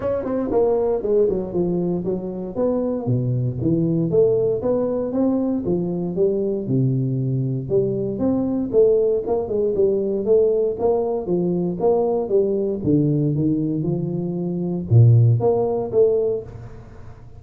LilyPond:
\new Staff \with { instrumentName = "tuba" } { \time 4/4 \tempo 4 = 117 cis'8 c'8 ais4 gis8 fis8 f4 | fis4 b4 b,4 e4 | a4 b4 c'4 f4 | g4 c2 g4 |
c'4 a4 ais8 gis8 g4 | a4 ais4 f4 ais4 | g4 d4 dis4 f4~ | f4 ais,4 ais4 a4 | }